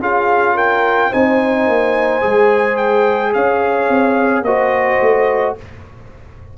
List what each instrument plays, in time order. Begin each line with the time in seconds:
0.00 tuba C#4, trombone F4, horn G#4, trumpet F5
0.54 horn A#4, trumpet G5
1.10 tuba C4, trombone D#4, horn C5, trumpet G#5
1.67 tuba A#3
2.22 tuba G#3, trombone G#4
2.77 trumpet G5
3.34 tuba C#4, horn C#5, trumpet F5
3.89 tuba C4
4.42 tuba A#3, trombone F#4, horn C5, trumpet D#5
5.01 tuba A3